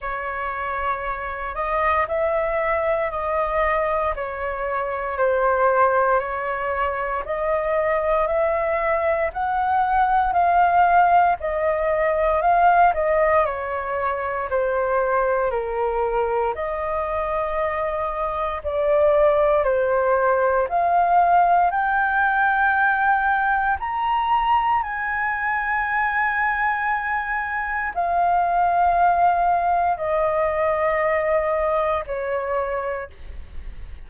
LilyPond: \new Staff \with { instrumentName = "flute" } { \time 4/4 \tempo 4 = 58 cis''4. dis''8 e''4 dis''4 | cis''4 c''4 cis''4 dis''4 | e''4 fis''4 f''4 dis''4 | f''8 dis''8 cis''4 c''4 ais'4 |
dis''2 d''4 c''4 | f''4 g''2 ais''4 | gis''2. f''4~ | f''4 dis''2 cis''4 | }